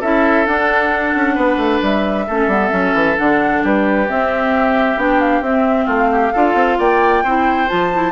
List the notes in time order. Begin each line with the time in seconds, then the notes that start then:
0.00 C#4 E4 A4 E5
0.46 D4 F#5
1.15 C#4
1.35 B3 B4
1.57 A3
1.82 G3 E5
2.27 A3 C#4 A4
2.47 G3 B3
2.71 F#3 C#4
2.93 E3
3.17 D3 D4 F#5
3.63 G3 G4 B4
4.08 C4 E5
4.97 B3 D4 G5
5.20 F5
5.41 C4 E5
5.85 A3 F4 F5
6.12 G4
6.33 D4 F4 A4
6.55 C4
6.78 A#3 D5 G5
7.24 C4 E4 C5
7.68 F3 F4 A5
7.94 E4